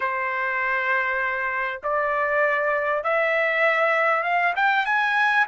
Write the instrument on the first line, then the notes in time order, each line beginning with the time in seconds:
trumpet
0.00 C5
1.83 D5
3.03 E5
4.23 F5
4.56 G5
4.85 G#5